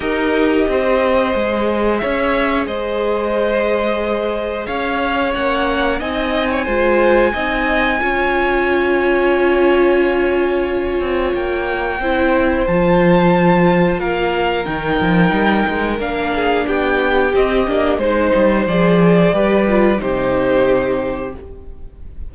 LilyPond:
<<
  \new Staff \with { instrumentName = "violin" } { \time 4/4 \tempo 4 = 90 dis''2. e''4 | dis''2. f''4 | fis''4 gis''2.~ | gis''1~ |
gis''4 g''2 a''4~ | a''4 f''4 g''2 | f''4 g''4 dis''4 c''4 | d''2 c''2 | }
  \new Staff \with { instrumentName = "violin" } { \time 4/4 ais'4 c''2 cis''4 | c''2. cis''4~ | cis''4 dis''8. cis''16 c''4 dis''4 | cis''1~ |
cis''2 c''2~ | c''4 ais'2.~ | ais'8 gis'8 g'2 c''4~ | c''4 b'4 g'2 | }
  \new Staff \with { instrumentName = "viola" } { \time 4/4 g'2 gis'2~ | gis'1 | cis'4 dis'4 f'4 dis'4 | f'1~ |
f'2 e'4 f'4~ | f'2 dis'2 | d'2 c'8 d'8 dis'4 | gis'4 g'8 f'8 dis'2 | }
  \new Staff \with { instrumentName = "cello" } { \time 4/4 dis'4 c'4 gis4 cis'4 | gis2. cis'4 | ais4 c'4 gis4 c'4 | cis'1~ |
cis'8 c'8 ais4 c'4 f4~ | f4 ais4 dis8 f8 g8 gis8 | ais4 b4 c'8 ais8 gis8 g8 | f4 g4 c2 | }
>>